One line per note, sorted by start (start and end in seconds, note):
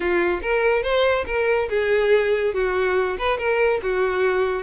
0.00 0.41 F4
0.42 0.82 A#4
0.82 1.25 C5
1.26 1.68 A#4
1.69 2.54 G#4
2.54 3.17 F#4
3.18 3.38 B4
3.38 3.80 A#4
3.82 4.63 F#4